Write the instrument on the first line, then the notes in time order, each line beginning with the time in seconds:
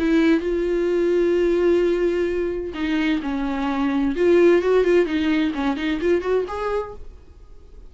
viola
0.00 E4
0.41 F4
2.75 D#4
3.23 C#4
4.16 F4
4.62 F#4
4.85 F4
5.06 D#4
5.55 C#4
5.77 D#4
6.01 F4
6.22 F#4
6.48 G#4